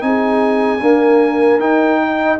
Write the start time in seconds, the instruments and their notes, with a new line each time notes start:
0.00 tuba C4, trombone D#4, horn G#4, trumpet G#5
0.80 trombone A#3, tuba D4, horn A#4
1.59 tuba D#4, trombone D#4, trumpet G5
2.00 horn D#5